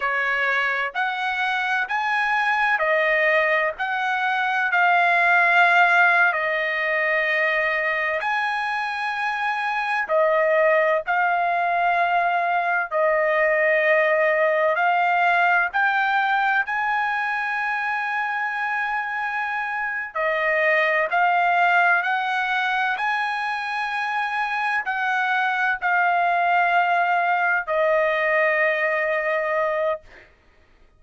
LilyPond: \new Staff \with { instrumentName = "trumpet" } { \time 4/4 \tempo 4 = 64 cis''4 fis''4 gis''4 dis''4 | fis''4 f''4.~ f''16 dis''4~ dis''16~ | dis''8. gis''2 dis''4 f''16~ | f''4.~ f''16 dis''2 f''16~ |
f''8. g''4 gis''2~ gis''16~ | gis''4. dis''4 f''4 fis''8~ | fis''8 gis''2 fis''4 f''8~ | f''4. dis''2~ dis''8 | }